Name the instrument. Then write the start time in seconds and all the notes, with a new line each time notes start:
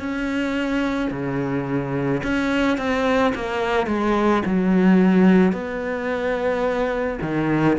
cello
0.00 C#4
1.11 C#3
2.24 C#4
2.78 C4
3.35 A#3
3.87 G#3
4.46 F#3
5.53 B3
7.22 D#3